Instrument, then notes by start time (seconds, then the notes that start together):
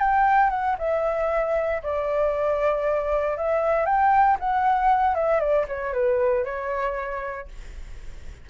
flute
0.00 G5
0.50 F#5
0.79 E5
1.83 D5
3.37 E5
3.86 G5
4.40 F#5
5.15 E5
5.40 D5
5.68 C#5
5.93 B4
6.45 C#5